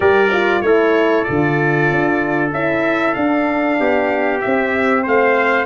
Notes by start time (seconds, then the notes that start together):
0.00 G3 G4 A#4 D5
0.32 F4
0.61 A3 E4 A4 C#5
1.23 D3 F4 D5
1.90 D4
2.51 C#4 E4 E5
3.14 D4 F5
3.79 B3 G4
4.40 C4 E5
5.02 A3 C5 F5